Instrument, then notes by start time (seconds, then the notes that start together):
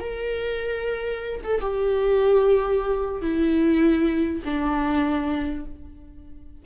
viola
0.00 A#4
1.44 A4
1.61 G4
3.21 E4
4.44 D4